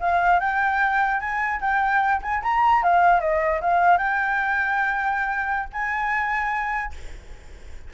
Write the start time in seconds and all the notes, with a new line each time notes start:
0.00 F5
0.40 G5
1.20 G#5
1.60 G5
2.22 G#5
2.43 A#5
2.83 F5
3.20 D#5
3.61 F5
3.98 G5
5.72 G#5